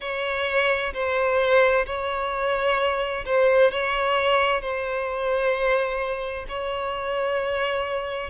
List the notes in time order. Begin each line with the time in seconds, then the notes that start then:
0.00 C#5
0.93 C5
1.86 C#5
3.25 C5
3.71 C#5
4.61 C5
6.48 C#5